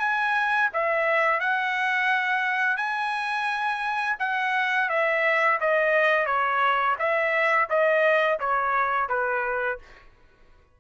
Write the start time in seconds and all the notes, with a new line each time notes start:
0.00 G#5
0.73 E5
1.40 F#5
2.77 G#5
4.20 F#5
4.89 E5
5.60 D#5
6.26 C#5
6.99 E5
7.70 D#5
8.40 C#5
9.09 B4